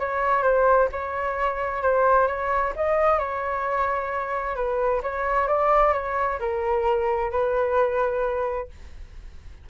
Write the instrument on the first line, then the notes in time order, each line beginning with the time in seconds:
flute
0.00 C#5
0.43 C5
0.92 C#5
1.83 C5
2.28 C#5
2.76 D#5
3.19 C#5
4.56 B4
5.03 C#5
5.48 D5
5.94 C#5
6.40 A#4
7.31 B4